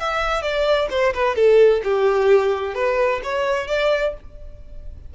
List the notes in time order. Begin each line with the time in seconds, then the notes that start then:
0.00 E5
0.42 D5
0.90 C5
1.14 B4
1.36 A4
1.84 G4
2.75 B4
3.23 C#5
3.68 D5